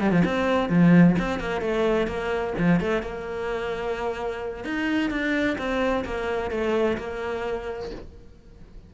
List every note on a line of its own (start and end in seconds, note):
0.00 0.12 G3
0.12 0.23 F3
0.25 0.69 C4
0.69 1.16 F3
1.19 1.40 C4
1.40 1.61 A#3
1.61 2.07 A3
2.07 2.53 A#3
2.58 2.80 F3
2.80 3.02 A3
3.02 4.64 A#3
4.64 5.10 D#4
5.10 5.57 D4
5.58 6.04 C4
6.05 6.51 A#3
6.51 6.97 A3
6.98 7.91 A#3